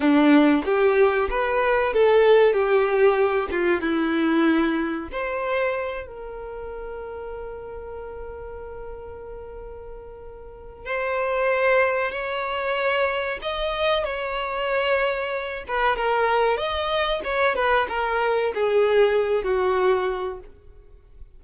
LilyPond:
\new Staff \with { instrumentName = "violin" } { \time 4/4 \tempo 4 = 94 d'4 g'4 b'4 a'4 | g'4. f'8 e'2 | c''4. ais'2~ ais'8~ | ais'1~ |
ais'4 c''2 cis''4~ | cis''4 dis''4 cis''2~ | cis''8 b'8 ais'4 dis''4 cis''8 b'8 | ais'4 gis'4. fis'4. | }